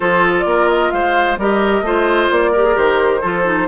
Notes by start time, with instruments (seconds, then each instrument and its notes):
0.00 bassoon F3, clarinet F4, oboe A4, flute C5
0.39 bassoon A#3, flute D5
0.47 oboe A#4
0.68 flute D#5
0.90 bassoon G#3, oboe C5, flute F5
1.37 bassoon G3, clarinet G4, oboe A#4, flute D#5
1.81 bassoon A3, clarinet F4, oboe C5
2.31 bassoon A#3, flute D5
2.51 clarinet G4, oboe A#4
2.64 clarinet G#4
2.74 bassoon D#3, clarinet G4, flute C5
3.21 bassoon F3, clarinet F4, oboe A4
3.44 clarinet D#4